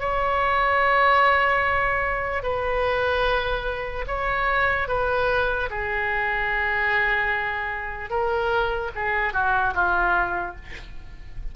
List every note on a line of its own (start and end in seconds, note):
0.00 2.43 C#5
2.44 4.06 B4
4.08 4.88 C#5
4.88 5.69 B4
5.71 8.10 G#4
8.10 8.92 A#4
8.96 9.34 G#4
9.34 9.74 F#4
9.75 10.56 F4